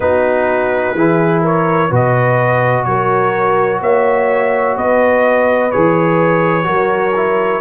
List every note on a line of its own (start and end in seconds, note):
0.00 0.94 B3
0.00 0.96 D#4
0.00 0.96 F#4
0.00 1.42 B4
0.94 1.89 E3
0.94 1.90 E4
0.94 1.42 G#4
1.42 1.88 A#4
1.42 1.93 C#5
1.88 2.85 B2
1.88 5.71 F#4
1.88 2.84 B4
1.95 2.84 D#5
2.84 3.81 F#3
2.84 3.81 A#4
2.84 3.79 C#5
3.81 4.76 A#3
3.81 4.76 C#5
3.81 4.77 E5
4.76 5.72 B3
4.76 6.66 B4
4.76 5.71 D#5
5.71 6.66 E3
5.71 6.63 G#4
5.71 7.61 C#5
6.63 7.61 F#3
6.63 7.11 F#4
6.63 7.61 A#4
7.16 7.61 E4